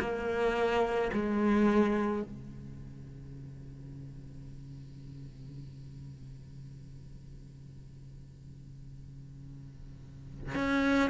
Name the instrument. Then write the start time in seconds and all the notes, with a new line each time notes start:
cello
0.00 A#3
1.13 G#3
2.23 C#3
10.55 C#4